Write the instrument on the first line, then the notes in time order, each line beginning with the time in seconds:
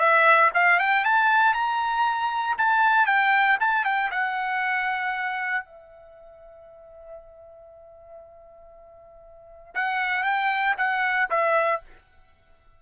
trumpet
0.00 E5
0.55 F5
0.80 G5
1.05 A5
1.54 A#5
2.58 A5
3.07 G5
3.61 A5
3.85 G5
4.12 F#5
5.65 E5
9.75 F#5
10.24 G5
10.78 F#5
11.31 E5